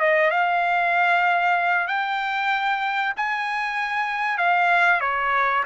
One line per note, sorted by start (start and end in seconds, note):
0.00 0.31 D#5
0.31 1.88 F5
1.88 3.14 G5
3.17 4.38 G#5
4.38 5.01 F5
5.01 5.64 C#5